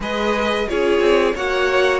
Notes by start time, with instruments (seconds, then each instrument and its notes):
0.00 cello G#3, viola G#4, violin B4 D#5
0.67 cello C#4, viola F4, violin G#4 C#5
0.99 cello C4
1.34 cello A#3, viola F#4, violin C#5 F#5